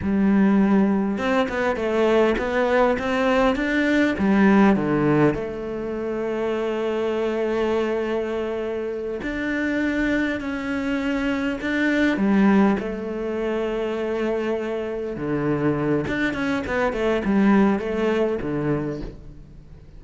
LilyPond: \new Staff \with { instrumentName = "cello" } { \time 4/4 \tempo 4 = 101 g2 c'8 b8 a4 | b4 c'4 d'4 g4 | d4 a2.~ | a2.~ a8 d'8~ |
d'4. cis'2 d'8~ | d'8 g4 a2~ a8~ | a4. d4. d'8 cis'8 | b8 a8 g4 a4 d4 | }